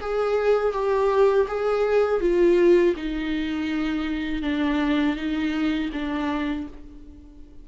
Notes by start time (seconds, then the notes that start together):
0.00 G#4
0.72 G4
1.47 G#4
2.20 F4
2.96 D#4
4.42 D4
5.15 D#4
5.92 D4